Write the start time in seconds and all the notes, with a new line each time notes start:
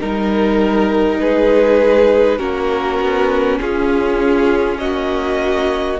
0.00 G3 D#4 A#4
1.20 G#3 G#4 B4
2.39 A#3 C#4 F#4 A#4
3.00 B3
3.61 C#4 F4 G#4
4.78 A#3 F#4 D#5